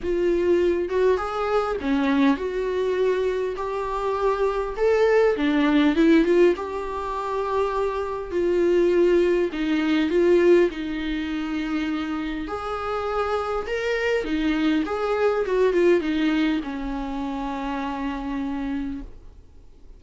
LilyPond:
\new Staff \with { instrumentName = "viola" } { \time 4/4 \tempo 4 = 101 f'4. fis'8 gis'4 cis'4 | fis'2 g'2 | a'4 d'4 e'8 f'8 g'4~ | g'2 f'2 |
dis'4 f'4 dis'2~ | dis'4 gis'2 ais'4 | dis'4 gis'4 fis'8 f'8 dis'4 | cis'1 | }